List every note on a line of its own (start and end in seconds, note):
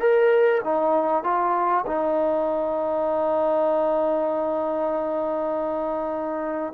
0.00 0.61 A#4
0.64 1.24 D#4
1.24 1.85 F4
1.86 6.73 D#4